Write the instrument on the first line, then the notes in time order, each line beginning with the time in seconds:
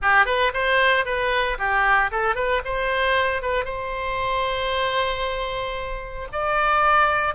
oboe
0.01 G4
0.25 B4
0.53 C5
1.05 B4
1.58 G4
2.11 A4
2.35 B4
2.65 C5
3.42 B4
3.65 C5
6.32 D5